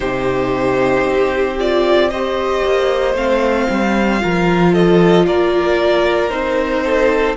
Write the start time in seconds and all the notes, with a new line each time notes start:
0.00 C3 D#4 G4 C5
1.05 C4
1.58 F4 D5
2.09 G4 C5 D#5
2.64 A#3
3.14 A3 C4 F5
3.70 G3
4.20 F3 F4 A#4
4.73 A4 D#5
5.26 A#3 A#4 D5
6.29 C4 D#4 C5
6.84 A4